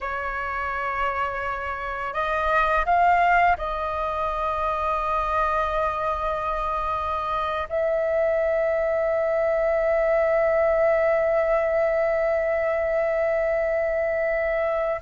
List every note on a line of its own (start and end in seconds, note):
0.00 2.13 C#5
2.13 2.85 D#5
2.85 3.56 F5
3.57 7.68 D#5
7.69 15.01 E5